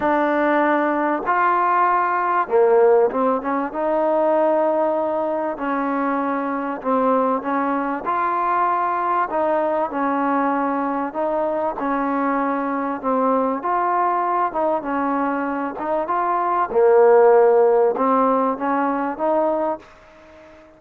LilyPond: \new Staff \with { instrumentName = "trombone" } { \time 4/4 \tempo 4 = 97 d'2 f'2 | ais4 c'8 cis'8 dis'2~ | dis'4 cis'2 c'4 | cis'4 f'2 dis'4 |
cis'2 dis'4 cis'4~ | cis'4 c'4 f'4. dis'8 | cis'4. dis'8 f'4 ais4~ | ais4 c'4 cis'4 dis'4 | }